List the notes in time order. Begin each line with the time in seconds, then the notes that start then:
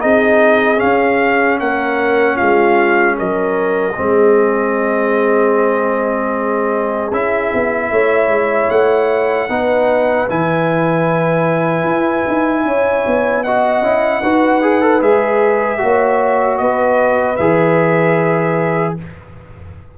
0.00 C4 D#4 G#4 D#5
0.77 C#4 F5
1.60 A#3 A#4 F#5
2.36 G#3 F4 F5
3.18 F#3 A#4 D#5
3.96 G#3 C4 G#4
7.12 C#4 E4 E5
7.54 B3
7.91 A3 C#5
8.28 G#3
8.70 A3 F#5
9.49 B3 D#4 B4
10.30 E3 E4 G#5
11.85 E4
12.28 D#4
12.65 C#4 C#5
13.07 B3
13.44 F#4 D#5 F#5
13.82 C#4 E4
14.23 D#4 F#4 B4
14.62 G#4
14.82 A4
15.02 G#3 G#4 E5
15.78 A#3 F#4 C#5
16.58 B3 B4 D#5
17.37 E3 G#4 E5